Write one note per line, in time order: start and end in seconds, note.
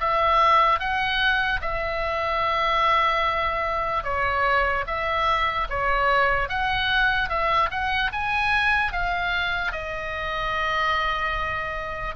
0.00 0.80 E5
0.80 1.61 F#5
1.61 4.04 E5
4.04 4.85 C#5
4.87 5.68 E5
5.70 6.49 C#5
6.49 7.29 F#5
7.29 7.70 E5
7.71 8.12 F#5
8.12 8.93 G#5
8.93 9.72 F5
9.72 12.15 D#5